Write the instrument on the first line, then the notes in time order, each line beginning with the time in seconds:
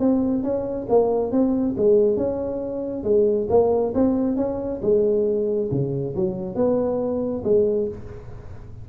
tuba
0.00 C4
0.44 C#4
0.90 A#3
1.32 C4
1.78 G#3
2.17 C#4
3.04 G#3
3.50 A#3
3.95 C4
4.37 C#4
4.83 G#3
5.72 C#3
6.16 F#3
6.56 B3
7.45 G#3